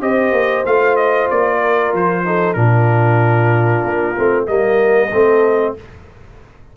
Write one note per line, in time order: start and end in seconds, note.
0.00 0.31 C4
0.00 0.64 G4
0.00 1.58 C5
0.00 0.65 D#5
0.31 0.63 A#3
0.65 1.29 A3
0.65 2.25 F4
0.65 0.96 F5
0.96 1.28 D#5
1.30 1.93 A#3
1.30 1.94 D5
1.58 2.22 A#4
1.93 2.55 F3
1.93 2.53 C5
2.25 2.55 D#4
2.25 2.57 A4
2.53 3.83 A#2
2.53 4.15 D4
2.53 4.48 F4
2.53 4.44 A#4
3.84 4.16 A#3
4.16 4.47 A3
4.16 4.47 C4
4.47 5.11 G3
4.47 5.11 A#3
4.47 5.10 A#4
4.47 5.74 D#5
5.10 5.75 A3
5.10 5.76 C4
5.10 5.74 A4